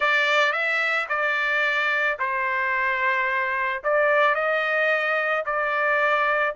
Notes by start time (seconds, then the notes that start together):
0.00 D5
0.52 E5
1.08 D5
2.19 C5
3.83 D5
4.34 D#5
5.45 D5